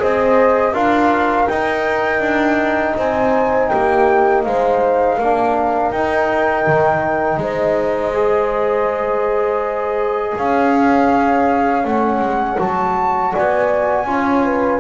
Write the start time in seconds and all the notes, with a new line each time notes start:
0.00 C4 G#4 C5 D#5
0.73 D4 F4 A#4 F5
1.48 D#4 G5
2.20 D4
2.96 C4 C5 G#5
3.69 A#3 G4 G5
4.44 G#3 C5 F5
5.17 A#3 D4 A#4
5.91 D#4 G5
6.67 D#3
7.37 G#3 C5 D#5
8.14 G#4
10.36 C#4 C#5 F5
11.85 A3 C#4 F#5
12.19 G#3
12.59 F#3 F#4 A5
13.33 D5 G#5
13.39 B3
14.06 C#4 F4 C#5
14.46 B4